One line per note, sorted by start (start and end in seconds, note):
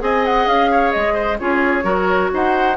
0.00 0.47 C4
0.00 1.38 G#4
0.00 0.71 D#5
0.00 0.25 G#5
0.25 0.48 F#5
0.47 0.93 C#4
0.47 0.92 F5
0.71 1.14 C#5
0.92 1.41 G#3
0.92 1.38 D#5
1.14 1.37 C5
1.40 1.84 C#4
1.40 1.83 F4
1.40 1.85 G#4
1.40 2.32 C#5
1.83 2.30 F#3
1.83 2.75 F#4
1.83 2.31 A#4
2.34 2.77 D#4
2.34 2.77 C5
2.34 2.77 F#5